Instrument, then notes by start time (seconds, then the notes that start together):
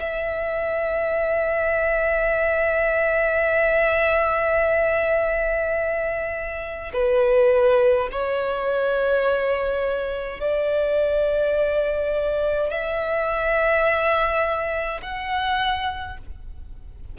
violin
0.00 E5
6.93 B4
8.12 C#5
10.40 D5
12.70 E5
15.02 F#5